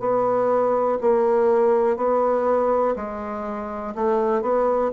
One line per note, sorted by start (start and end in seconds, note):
0.00 0.98 B3
1.01 1.96 A#3
1.96 2.95 B3
2.96 3.94 G#3
3.95 4.42 A3
4.42 4.91 B3